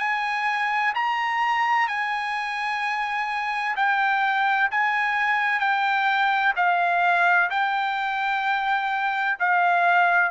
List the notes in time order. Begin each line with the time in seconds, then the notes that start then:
0.00 G#5
0.95 A#5
1.88 G#5
3.76 G5
4.71 G#5
5.60 G5
6.56 F5
7.50 G5
9.40 F5